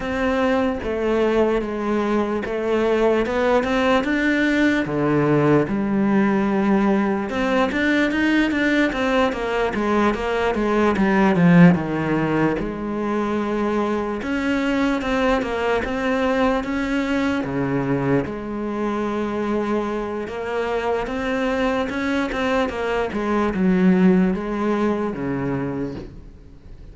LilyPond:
\new Staff \with { instrumentName = "cello" } { \time 4/4 \tempo 4 = 74 c'4 a4 gis4 a4 | b8 c'8 d'4 d4 g4~ | g4 c'8 d'8 dis'8 d'8 c'8 ais8 | gis8 ais8 gis8 g8 f8 dis4 gis8~ |
gis4. cis'4 c'8 ais8 c'8~ | c'8 cis'4 cis4 gis4.~ | gis4 ais4 c'4 cis'8 c'8 | ais8 gis8 fis4 gis4 cis4 | }